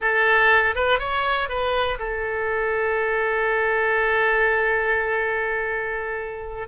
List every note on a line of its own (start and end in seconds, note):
0.01 0.75 A4
0.75 0.99 B4
0.99 1.48 C#5
1.49 1.98 B4
1.98 6.68 A4